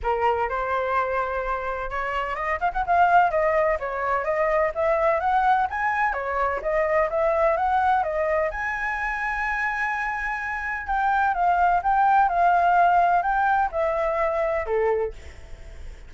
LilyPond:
\new Staff \with { instrumentName = "flute" } { \time 4/4 \tempo 4 = 127 ais'4 c''2. | cis''4 dis''8 f''16 fis''16 f''4 dis''4 | cis''4 dis''4 e''4 fis''4 | gis''4 cis''4 dis''4 e''4 |
fis''4 dis''4 gis''2~ | gis''2. g''4 | f''4 g''4 f''2 | g''4 e''2 a'4 | }